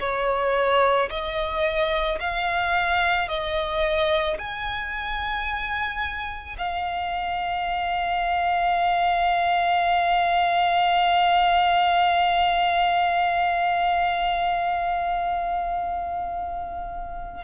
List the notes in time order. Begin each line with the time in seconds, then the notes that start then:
0.00 C#5
1.10 D#5
2.20 F5
3.28 D#5
4.38 G#5
6.58 F5